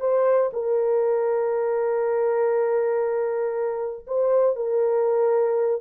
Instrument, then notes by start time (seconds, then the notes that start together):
horn
0.00 C5
0.53 A#4
4.07 C5
4.56 A#4